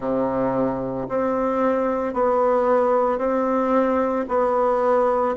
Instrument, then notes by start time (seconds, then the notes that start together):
bassoon
0.00 C3
1.09 C4
2.13 B3
3.18 C4
4.28 B3